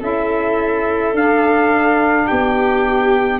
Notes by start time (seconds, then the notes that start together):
0.00 C#4 E4 A4 E5
1.13 D4 F5
2.27 B3 G4 G5